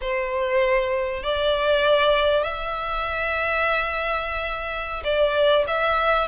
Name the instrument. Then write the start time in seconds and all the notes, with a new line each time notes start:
violin
0.01 C5
1.23 D5
2.43 E5
5.03 D5
5.67 E5